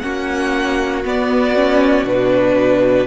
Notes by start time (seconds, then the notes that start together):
0.00 A#3 C#4 F#4 F#5
1.04 B3 D5
1.55 C#4
2.03 B2 D4 B4